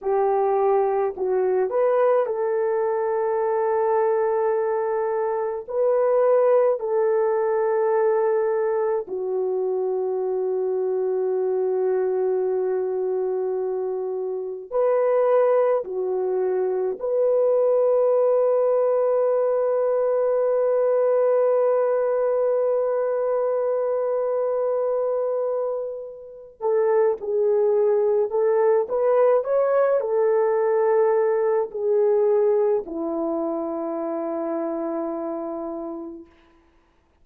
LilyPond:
\new Staff \with { instrumentName = "horn" } { \time 4/4 \tempo 4 = 53 g'4 fis'8 b'8 a'2~ | a'4 b'4 a'2 | fis'1~ | fis'4 b'4 fis'4 b'4~ |
b'1~ | b'2.~ b'8 a'8 | gis'4 a'8 b'8 cis''8 a'4. | gis'4 e'2. | }